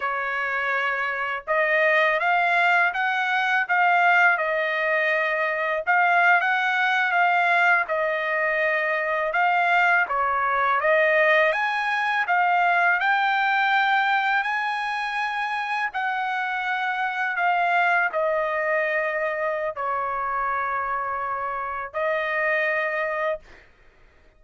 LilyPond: \new Staff \with { instrumentName = "trumpet" } { \time 4/4 \tempo 4 = 82 cis''2 dis''4 f''4 | fis''4 f''4 dis''2 | f''8. fis''4 f''4 dis''4~ dis''16~ | dis''8. f''4 cis''4 dis''4 gis''16~ |
gis''8. f''4 g''2 gis''16~ | gis''4.~ gis''16 fis''2 f''16~ | f''8. dis''2~ dis''16 cis''4~ | cis''2 dis''2 | }